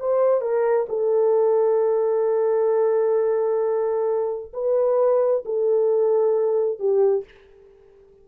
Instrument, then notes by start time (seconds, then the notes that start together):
horn
0.00 C5
0.41 A#4
0.89 A4
4.53 B4
5.45 A4
6.79 G4